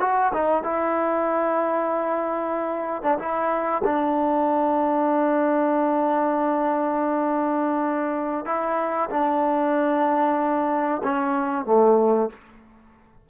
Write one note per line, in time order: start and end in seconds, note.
0.00 0.32 F#4
0.33 0.63 D#4
0.63 3.02 E4
3.02 3.18 D4
3.18 3.82 E4
3.84 8.45 D4
8.45 9.09 E4
9.10 11.01 D4
11.03 11.65 C#4
11.65 12.29 A3